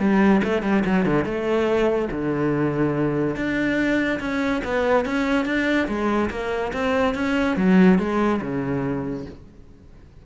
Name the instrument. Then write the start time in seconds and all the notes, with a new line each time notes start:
cello
0.00 G3
0.44 A3
0.63 G3
0.86 F#3
1.06 D3
1.25 A3
2.12 D3
3.36 D4
4.20 C#4
4.65 B3
5.06 C#4
5.46 D4
5.88 G#3
6.31 A#3
6.73 C4
7.15 C#4
7.57 F#3
7.99 G#3
8.42 C#3